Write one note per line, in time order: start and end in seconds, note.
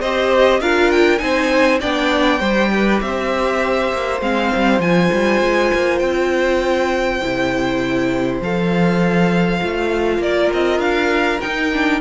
0.00 0.60 C4
0.00 0.61 G4
0.00 0.60 C5
0.00 0.61 D#5
0.60 1.20 D4
0.60 1.18 F4
0.60 1.21 A#4
0.60 0.91 F5
0.91 1.18 G5
1.18 1.81 C4
1.18 1.78 D#4
1.18 1.80 C5
1.18 1.78 G#5
1.80 2.40 B3
1.80 2.41 D4
1.80 2.39 D5
1.80 3.01 G5
2.39 3.00 G3
2.39 4.21 G4
2.39 2.69 C5
2.73 3.03 B4
3.01 3.92 C4
3.01 10.22 C5
3.01 4.21 E5
3.93 4.21 A#3
4.21 4.51 G#3
4.21 4.81 C4
4.21 4.81 F5
4.55 4.79 G3
4.79 5.09 F3
4.79 7.21 F4
4.79 5.99 G#5
5.12 5.41 G3
5.41 5.71 G#3
5.74 6.01 A#3
5.99 7.21 C4
5.99 8.39 G5
7.22 8.41 C3
7.22 8.42 E4
8.41 9.61 F3
8.41 9.60 A4
8.41 10.22 F5
9.60 10.19 A3
9.60 11.40 F4
10.19 10.49 A#3
10.19 12.00 A#4
10.19 10.52 D5
10.53 10.79 C4
10.53 10.80 D#5
10.79 11.39 D4
10.79 11.40 F5
11.40 11.71 D#4
11.40 12.00 D#4
11.40 12.00 G5
11.73 12.00 D4